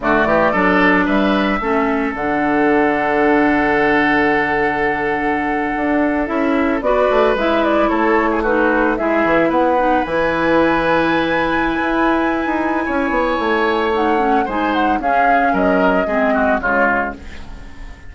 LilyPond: <<
  \new Staff \with { instrumentName = "flute" } { \time 4/4 \tempo 4 = 112 d''2 e''2 | fis''1~ | fis''2.~ fis''8. e''16~ | e''8. d''4 e''8 d''8 cis''4 b'16~ |
b'8. e''4 fis''4 gis''4~ gis''16~ | gis''1~ | gis''2 fis''4 gis''8 fis''8 | f''4 dis''2 cis''4 | }
  \new Staff \with { instrumentName = "oboe" } { \time 4/4 fis'8 g'8 a'4 b'4 a'4~ | a'1~ | a'1~ | a'8. b'2 a'8. gis'16 fis'16~ |
fis'8. gis'4 b'2~ b'16~ | b'1 | cis''2. c''4 | gis'4 ais'4 gis'8 fis'8 f'4 | }
  \new Staff \with { instrumentName = "clarinet" } { \time 4/4 a4 d'2 cis'4 | d'1~ | d'2.~ d'8. e'16~ | e'8. fis'4 e'2 dis'16~ |
dis'8. e'4. dis'8 e'4~ e'16~ | e'1~ | e'2 dis'8 cis'8 dis'4 | cis'2 c'4 gis4 | }
  \new Staff \with { instrumentName = "bassoon" } { \time 4/4 d8 e8 fis4 g4 a4 | d1~ | d2~ d8. d'4 cis'16~ | cis'8. b8 a8 gis4 a4~ a16~ |
a8. gis8 e8 b4 e4~ e16~ | e2 e'4~ e'16 dis'8. | cis'8 b8 a2 gis4 | cis'4 fis4 gis4 cis4 | }
>>